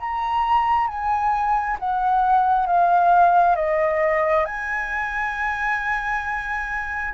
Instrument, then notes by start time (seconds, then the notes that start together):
flute
0.00 A#5
0.88 G#5
1.80 F#5
2.67 F5
3.56 D#5
4.46 G#5